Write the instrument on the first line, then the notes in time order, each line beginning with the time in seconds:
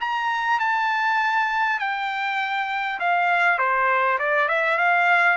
trumpet
0.00 A#5
0.59 A5
1.79 G5
2.99 F5
3.58 C5
4.18 D5
4.48 E5
4.78 F5